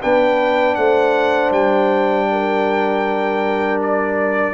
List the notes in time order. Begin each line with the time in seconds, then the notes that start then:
0.00 B3 D4 B4 G5
0.75 A3 C5 F#5
1.51 G3 G5
2.31 A#4
3.82 D5